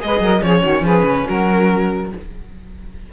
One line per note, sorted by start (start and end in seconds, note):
0.00 0.20 G#3
0.00 0.42 G#4
0.00 0.23 B4
0.00 0.43 D#5
0.20 0.41 F#3
0.20 0.44 A#4
0.42 0.63 F3
0.42 2.09 C#4
0.42 0.61 G#4
0.42 0.85 C#5
0.61 0.82 D#3
0.61 0.82 F#4
0.82 1.03 F3
0.82 1.25 G#4
0.82 1.28 B4
1.03 1.24 C#3
1.26 2.13 F#3
1.26 2.09 F#4
1.26 2.11 A#4